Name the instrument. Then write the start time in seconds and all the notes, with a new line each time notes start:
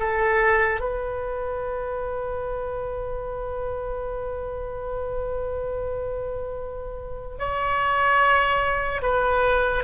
oboe
0.00 A4
0.81 B4
7.39 C#5
9.02 B4